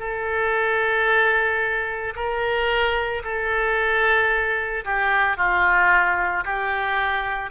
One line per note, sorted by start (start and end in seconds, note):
0.00 2.14 A4
2.16 3.23 A#4
3.24 4.85 A4
4.85 5.38 G4
5.38 6.45 F4
6.45 7.51 G4